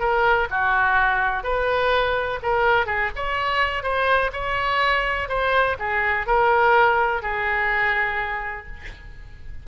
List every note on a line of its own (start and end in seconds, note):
0.00 0.48 A#4
0.51 1.44 F#4
1.44 2.40 B4
2.43 2.86 A#4
2.86 3.10 G#4
3.16 3.83 C#5
3.83 4.31 C5
4.33 5.29 C#5
5.29 5.77 C5
5.79 6.27 G#4
6.27 7.23 A#4
7.23 8.67 G#4